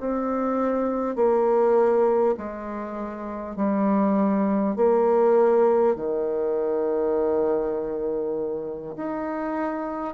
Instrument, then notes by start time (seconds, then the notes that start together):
bassoon
0.00 C4
1.16 A#3
2.37 G#3
3.57 G3
4.77 A#3
5.96 D#3
8.97 D#4